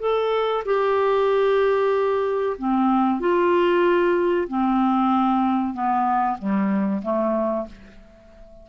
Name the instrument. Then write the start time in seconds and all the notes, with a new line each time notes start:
clarinet
0.00 A4
0.65 G4
2.58 C4
3.20 F4
4.48 C4
5.74 B3
6.39 G3
7.03 A3